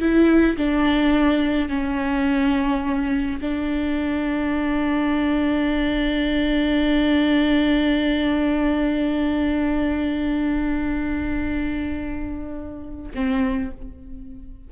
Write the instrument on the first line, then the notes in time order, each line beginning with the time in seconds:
viola
0.00 E4
0.58 D4
1.69 C#4
3.41 D4
13.15 C4